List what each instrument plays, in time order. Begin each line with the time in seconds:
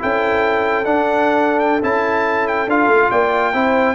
0.00 tuba C#4, trombone E4, horn A4, trumpet G5
0.86 trombone D4, tuba D4, trumpet F#5
1.60 trumpet G5
1.83 tuba C#4, trombone E4, trumpet A5
2.48 trumpet G5
2.68 tuba D4, trombone F4, trumpet F5
2.88 tuba A3
3.10 tuba A#3, horn D5, trumpet G5
3.54 tuba C4, trombone E4, horn C5